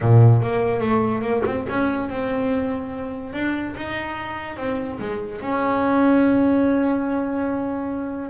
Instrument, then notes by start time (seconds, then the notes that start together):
double bass
0.00 A#2
0.41 A#3
0.80 A3
1.21 A#3
1.45 C4
1.69 C#4
2.09 C4
3.33 D4
3.76 D#4
4.57 C4
4.99 G#3
5.41 C#4